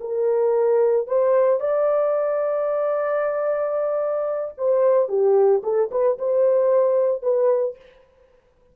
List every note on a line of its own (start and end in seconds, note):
0.00 1.07 A#4
1.07 1.59 C5
1.59 4.54 D5
4.57 5.08 C5
5.08 5.62 G4
5.63 5.90 A4
5.91 6.18 B4
6.18 7.22 C5
7.22 7.76 B4